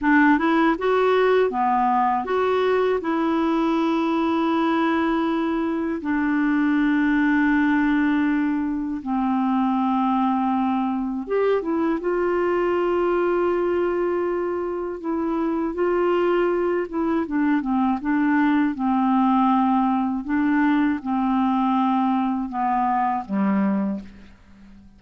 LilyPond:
\new Staff \with { instrumentName = "clarinet" } { \time 4/4 \tempo 4 = 80 d'8 e'8 fis'4 b4 fis'4 | e'1 | d'1 | c'2. g'8 e'8 |
f'1 | e'4 f'4. e'8 d'8 c'8 | d'4 c'2 d'4 | c'2 b4 g4 | }